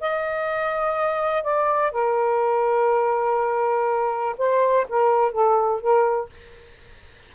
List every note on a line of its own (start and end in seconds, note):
0.00 1.43 D#5
1.43 1.91 D5
1.91 4.35 A#4
4.37 4.86 C5
4.88 5.31 A#4
5.31 5.80 A4
5.80 6.29 A#4